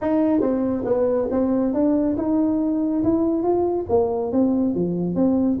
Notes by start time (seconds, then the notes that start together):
0.01 D#4
0.40 C4
0.85 B3
1.30 C4
1.73 D4
2.17 D#4
3.03 E4
3.43 F4
3.89 A#3
4.32 C4
4.74 F3
5.15 C4